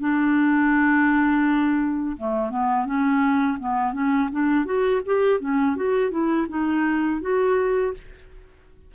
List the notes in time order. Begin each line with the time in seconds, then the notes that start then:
0.00 D4
2.18 A3
2.50 B3
2.86 C#4
3.60 B3
3.93 C#4
4.32 D4
4.66 F#4
5.06 G4
5.41 C#4
5.77 F#4
6.12 E4
6.50 D#4
7.22 F#4